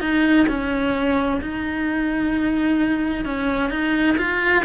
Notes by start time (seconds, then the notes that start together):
0.00 D#4
0.48 C#4
1.41 D#4
3.25 C#4
3.70 D#4
4.17 F4